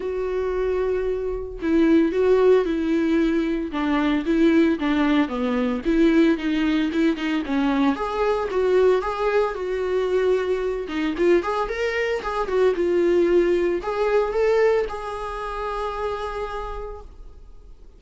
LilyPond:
\new Staff \with { instrumentName = "viola" } { \time 4/4 \tempo 4 = 113 fis'2. e'4 | fis'4 e'2 d'4 | e'4 d'4 b4 e'4 | dis'4 e'8 dis'8 cis'4 gis'4 |
fis'4 gis'4 fis'2~ | fis'8 dis'8 f'8 gis'8 ais'4 gis'8 fis'8 | f'2 gis'4 a'4 | gis'1 | }